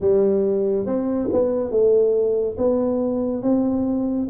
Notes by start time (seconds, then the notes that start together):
0.00 G3
0.86 C4
1.32 B3
1.71 A3
2.57 B3
3.42 C4